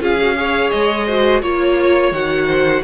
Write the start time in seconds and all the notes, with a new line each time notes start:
0.00 C#4 F4 G#4 F5
0.21 F#4
0.36 G#4 C#5
0.71 G#3 D#5
1.07 F#4 C5
1.42 A#3 F4 C#5
2.12 D#3 F#4 F#5
2.47 C5